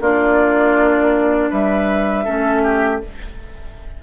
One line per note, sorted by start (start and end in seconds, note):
0.00 1.50 A#3
0.00 2.25 D4
0.00 1.49 F4
0.00 1.50 D5
1.49 2.26 G3
1.49 2.24 B4
1.49 3.00 E5
2.24 3.02 A3
2.24 3.00 C#4
2.24 2.61 A4
2.63 3.00 G4